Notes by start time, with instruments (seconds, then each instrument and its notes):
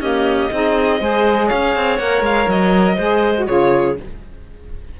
0.00 saxophone A#3, cello C#4, clarinet G4, violin D#5
0.52 cello C4, saxophone D#4, clarinet G#4
1.00 cello G#3, saxophone G#4, clarinet C5
1.47 cello C#4, clarinet C#5, violin F5
1.76 cello C4
1.98 cello A#3, saxophone A#4, violin F#5
2.21 cello G#3, violin F5
2.48 cello F#3, violin D#5
2.95 cello G#3, saxophone G#4, clarinet C5
3.38 saxophone F#4
3.47 cello C#3, saxophone F4, clarinet G#4, violin C#5